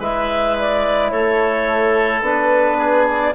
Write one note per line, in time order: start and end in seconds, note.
0.00 1.11 G#3
0.00 2.24 E4
0.00 1.11 B4
0.00 0.58 E5
0.59 1.11 D5
1.11 2.22 A3
1.11 2.78 A4
1.11 2.22 C#5
2.22 3.33 B3
2.22 3.35 D4
2.22 3.07 B4
2.78 3.34 G#4
3.07 3.35 D5